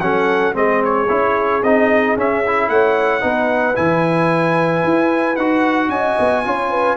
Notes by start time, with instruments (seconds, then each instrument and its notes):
0.00 tuba F#3, trombone C#4, horn A4, trumpet F#5
0.53 tuba G#3, trombone C4, horn G#4, trumpet D#5
0.84 trumpet C#5
1.09 tuba C#4, trombone E4
1.62 tuba C4, trombone D#4, trumpet D#5
2.17 tuba C#4, trombone C#4, trumpet E5
2.46 trombone E4
2.69 tuba A3, horn C#5, trumpet F#5
3.20 tuba B3, trombone D#4, horn B4
3.75 tuba E3, trombone E4, trumpet G#5
4.83 tuba E4
5.36 tuba D#4, trombone F#4, trumpet F#5
5.88 tuba C#4, horn D#5, trumpet G#5
6.19 tuba B3
6.45 tuba C#4, trombone F4, horn C#5
6.70 horn B4